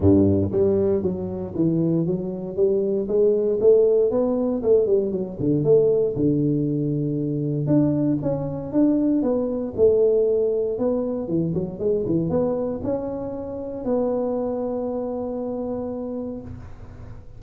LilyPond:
\new Staff \with { instrumentName = "tuba" } { \time 4/4 \tempo 4 = 117 g,4 g4 fis4 e4 | fis4 g4 gis4 a4 | b4 a8 g8 fis8 d8 a4 | d2. d'4 |
cis'4 d'4 b4 a4~ | a4 b4 e8 fis8 gis8 e8 | b4 cis'2 b4~ | b1 | }